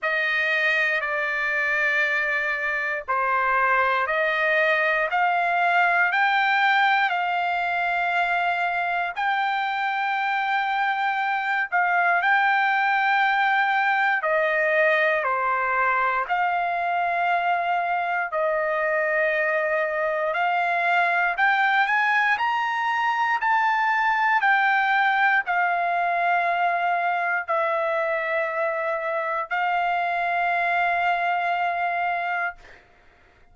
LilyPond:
\new Staff \with { instrumentName = "trumpet" } { \time 4/4 \tempo 4 = 59 dis''4 d''2 c''4 | dis''4 f''4 g''4 f''4~ | f''4 g''2~ g''8 f''8 | g''2 dis''4 c''4 |
f''2 dis''2 | f''4 g''8 gis''8 ais''4 a''4 | g''4 f''2 e''4~ | e''4 f''2. | }